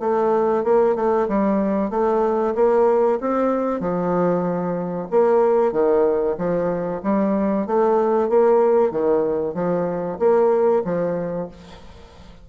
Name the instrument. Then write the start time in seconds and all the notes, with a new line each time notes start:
bassoon
0.00 A3
0.64 A#3
0.95 A3
1.28 G3
1.91 A3
2.55 A#3
3.21 C4
3.80 F3
5.11 A#3
5.72 D#3
6.38 F3
7.03 G3
7.67 A3
8.29 A#3
8.91 D#3
9.54 F3
10.19 A#3
10.85 F3